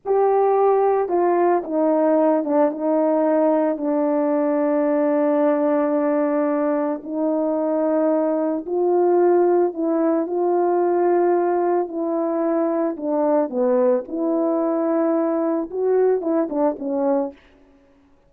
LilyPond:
\new Staff \with { instrumentName = "horn" } { \time 4/4 \tempo 4 = 111 g'2 f'4 dis'4~ | dis'8 d'8 dis'2 d'4~ | d'1~ | d'4 dis'2. |
f'2 e'4 f'4~ | f'2 e'2 | d'4 b4 e'2~ | e'4 fis'4 e'8 d'8 cis'4 | }